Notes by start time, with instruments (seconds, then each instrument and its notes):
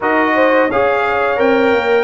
0.00 tuba D#4, trombone F#4, horn A#4, trumpet D#5
0.34 horn C5
0.67 tuba C#4, trombone G#4, horn C#5, trumpet F5
1.36 tuba C4, trombone A#4, trumpet G5
1.73 tuba A#3